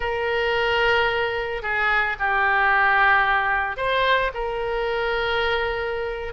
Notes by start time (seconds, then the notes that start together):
0.00 A#4
1.62 G#4
2.19 G4
3.77 C5
4.34 A#4